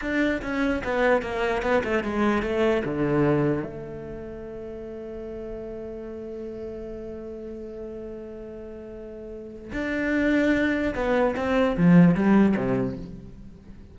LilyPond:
\new Staff \with { instrumentName = "cello" } { \time 4/4 \tempo 4 = 148 d'4 cis'4 b4 ais4 | b8 a8 gis4 a4 d4~ | d4 a2.~ | a1~ |
a1~ | a1 | d'2. b4 | c'4 f4 g4 c4 | }